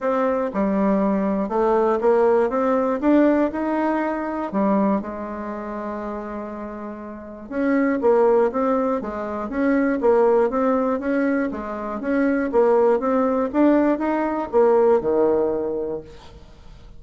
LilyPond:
\new Staff \with { instrumentName = "bassoon" } { \time 4/4 \tempo 4 = 120 c'4 g2 a4 | ais4 c'4 d'4 dis'4~ | dis'4 g4 gis2~ | gis2. cis'4 |
ais4 c'4 gis4 cis'4 | ais4 c'4 cis'4 gis4 | cis'4 ais4 c'4 d'4 | dis'4 ais4 dis2 | }